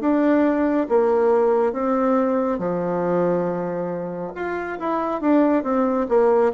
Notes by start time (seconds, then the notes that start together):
0.00 D4
0.89 A#3
1.72 C4
2.59 F3
4.35 F4
4.79 E4
5.21 D4
5.63 C4
6.09 A#3